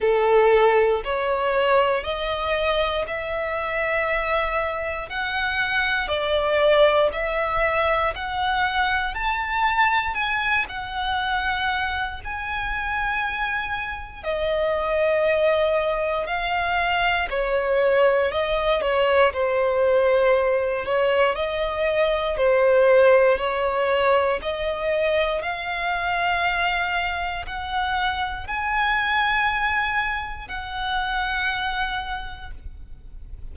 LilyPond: \new Staff \with { instrumentName = "violin" } { \time 4/4 \tempo 4 = 59 a'4 cis''4 dis''4 e''4~ | e''4 fis''4 d''4 e''4 | fis''4 a''4 gis''8 fis''4. | gis''2 dis''2 |
f''4 cis''4 dis''8 cis''8 c''4~ | c''8 cis''8 dis''4 c''4 cis''4 | dis''4 f''2 fis''4 | gis''2 fis''2 | }